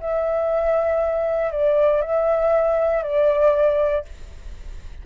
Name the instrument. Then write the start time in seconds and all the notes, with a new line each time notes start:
flute
0.00 E5
1.51 D5
2.01 E5
3.03 D5